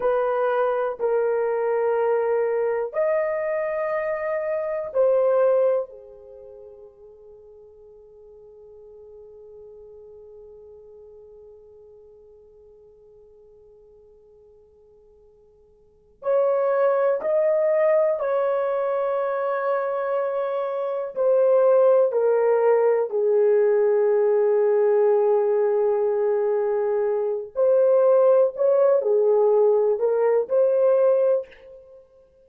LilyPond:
\new Staff \with { instrumentName = "horn" } { \time 4/4 \tempo 4 = 61 b'4 ais'2 dis''4~ | dis''4 c''4 gis'2~ | gis'1~ | gis'1~ |
gis'8 cis''4 dis''4 cis''4.~ | cis''4. c''4 ais'4 gis'8~ | gis'1 | c''4 cis''8 gis'4 ais'8 c''4 | }